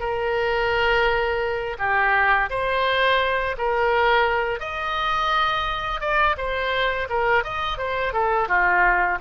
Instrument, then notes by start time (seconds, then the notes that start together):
oboe
0.00 A#4
1.79 G4
2.50 C5
3.58 A#4
4.60 D#5
6.01 D5
6.37 C5
7.09 A#4
7.44 D#5
7.78 C5
8.13 A4
8.48 F4